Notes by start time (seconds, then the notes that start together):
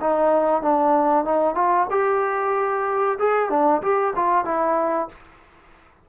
0.00 D#4
0.62 D4
1.24 D#4
1.55 F4
1.90 G4
3.19 G#4
3.49 D4
3.82 G4
4.15 F4
4.44 E4